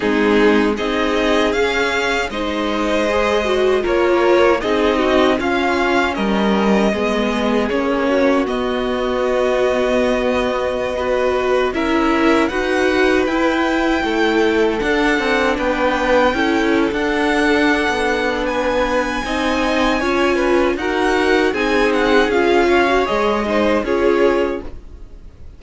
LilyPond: <<
  \new Staff \with { instrumentName = "violin" } { \time 4/4 \tempo 4 = 78 gis'4 dis''4 f''4 dis''4~ | dis''4 cis''4 dis''4 f''4 | dis''2 cis''4 dis''4~ | dis''2.~ dis''16 e''8.~ |
e''16 fis''4 g''2 fis''8.~ | fis''16 g''4.~ g''16 fis''2 | gis''2. fis''4 | gis''8 fis''8 f''4 dis''4 cis''4 | }
  \new Staff \with { instrumentName = "violin" } { \time 4/4 dis'4 gis'2 c''4~ | c''4 ais'4 gis'8 fis'8 f'4 | ais'4 gis'4. fis'4.~ | fis'2~ fis'16 b'4 ais'8.~ |
ais'16 b'2 a'4.~ a'16~ | a'16 b'4 a'2~ a'8. | b'4 dis''4 cis''8 b'8 ais'4 | gis'4. cis''4 c''8 gis'4 | }
  \new Staff \with { instrumentName = "viola" } { \time 4/4 c'4 dis'4 cis'4 dis'4 | gis'8 fis'8 f'4 dis'4 cis'4~ | cis'4 b4 cis'4 b4~ | b2~ b16 fis'4 e'8.~ |
e'16 fis'4 e'2 d'8.~ | d'4~ d'16 e'8. d'2~ | d'4 dis'4 f'4 fis'4 | dis'4 f'8. fis'16 gis'8 dis'8 f'4 | }
  \new Staff \with { instrumentName = "cello" } { \time 4/4 gis4 c'4 cis'4 gis4~ | gis4 ais4 c'4 cis'4 | g4 gis4 ais4 b4~ | b2.~ b16 cis'8.~ |
cis'16 dis'4 e'4 a4 d'8 c'16~ | c'16 b4 cis'8. d'4~ d'16 b8.~ | b4 c'4 cis'4 dis'4 | c'4 cis'4 gis4 cis'4 | }
>>